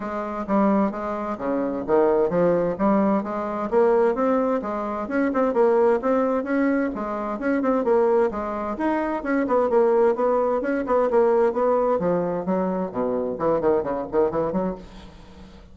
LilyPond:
\new Staff \with { instrumentName = "bassoon" } { \time 4/4 \tempo 4 = 130 gis4 g4 gis4 cis4 | dis4 f4 g4 gis4 | ais4 c'4 gis4 cis'8 c'8 | ais4 c'4 cis'4 gis4 |
cis'8 c'8 ais4 gis4 dis'4 | cis'8 b8 ais4 b4 cis'8 b8 | ais4 b4 f4 fis4 | b,4 e8 dis8 cis8 dis8 e8 fis8 | }